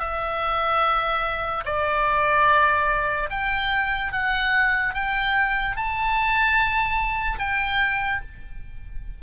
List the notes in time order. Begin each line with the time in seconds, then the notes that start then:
0.00 E5
1.66 D5
3.31 G5
4.13 F#5
4.95 G5
5.77 A5
7.39 G5